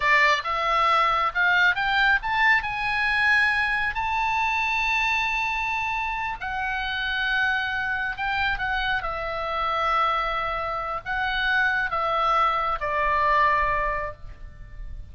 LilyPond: \new Staff \with { instrumentName = "oboe" } { \time 4/4 \tempo 4 = 136 d''4 e''2 f''4 | g''4 a''4 gis''2~ | gis''4 a''2.~ | a''2~ a''8 fis''4.~ |
fis''2~ fis''8 g''4 fis''8~ | fis''8 e''2.~ e''8~ | e''4 fis''2 e''4~ | e''4 d''2. | }